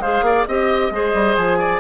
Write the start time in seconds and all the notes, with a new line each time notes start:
0.00 G#3 G#4 C5 F5
0.21 A#3 D5
0.47 C4 G4 D#5
0.91 G#3 G#4 C5
1.14 G3
1.35 F3 G#5
1.58 D5